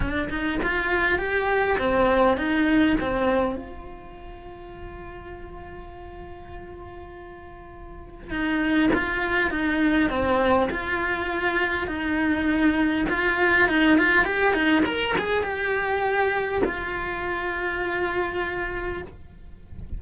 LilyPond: \new Staff \with { instrumentName = "cello" } { \time 4/4 \tempo 4 = 101 d'8 dis'8 f'4 g'4 c'4 | dis'4 c'4 f'2~ | f'1~ | f'2 dis'4 f'4 |
dis'4 c'4 f'2 | dis'2 f'4 dis'8 f'8 | g'8 dis'8 ais'8 gis'8 g'2 | f'1 | }